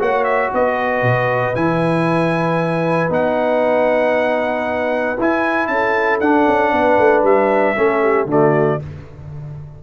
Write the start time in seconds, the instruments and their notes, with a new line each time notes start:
0.00 tuba A#3, trombone F#4, horn C#5, trumpet F#5
0.24 trumpet E5
0.53 tuba B3, horn B4, trumpet D#5
1.02 tuba B2
1.55 tuba E3, trombone E4, trumpet G#5
3.10 tuba B3, trombone D#4, trumpet F#5
5.19 tuba E4, trombone E4, trumpet G#5
5.67 tuba C#4, horn A4, trumpet A5
6.20 tuba D4, trombone D4, trumpet F#5
6.47 tuba C#4
6.72 tuba B3, horn B4
6.99 tuba A3
7.23 tuba G3, trumpet E5
7.76 tuba A3, trombone C#4, horn A4
8.02 horn G4
8.26 tuba D3, trombone A3, horn F#4, trumpet D5